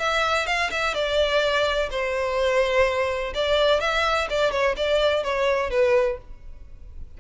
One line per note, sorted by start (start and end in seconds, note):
0.00 0.47 E5
0.47 0.71 F5
0.71 0.95 E5
0.95 1.90 D5
1.91 3.34 C5
3.35 3.81 D5
3.81 4.28 E5
4.30 4.52 D5
4.52 4.76 C#5
4.77 5.24 D5
5.24 5.71 C#5
5.71 6.18 B4